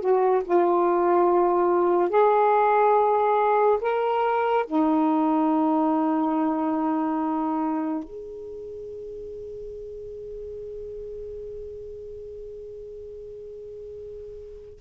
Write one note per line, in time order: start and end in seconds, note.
0.00 0.42 F#4
0.44 2.09 F4
2.09 3.78 G#4
3.81 4.65 A#4
4.67 8.04 D#4
8.04 14.80 G#4